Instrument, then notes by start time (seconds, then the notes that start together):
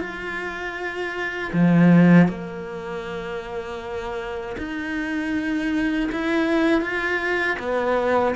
cello
0.00 F4
1.53 F3
2.29 A#3
4.58 D#4
6.12 E4
6.81 F4
7.59 B3